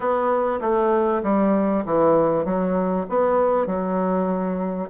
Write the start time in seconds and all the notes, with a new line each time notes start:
0.00 B3
0.60 A3
1.23 G3
1.85 E3
2.45 F#3
3.09 B3
3.66 F#3